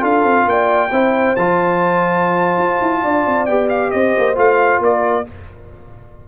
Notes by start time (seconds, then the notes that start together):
0.00 D4 F4 A4 F5
0.24 C4
0.46 A#3 D5 G5
0.91 C4 E4 C5
1.36 F3 F4 A5
2.58 F4
2.82 E4
3.02 D4 D5
3.26 C4
3.46 B3 G4 G5
3.69 F5
3.91 C4 C5 D#5
4.18 A#3
4.35 A3 F4 F5
4.80 A#3 A#4 D5